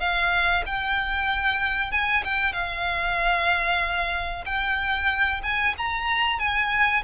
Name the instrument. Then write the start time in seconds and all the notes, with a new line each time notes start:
violin
0.00 F5
0.66 G5
1.92 G#5
2.25 G5
2.53 F5
4.46 G5
5.43 G#5
5.78 A#5
6.39 G#5